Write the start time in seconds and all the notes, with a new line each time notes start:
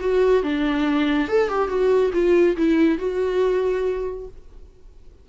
0.00 F#4
0.43 D4
1.28 A4
1.48 G4
1.68 F#4
2.13 F4
2.56 E4
2.98 F#4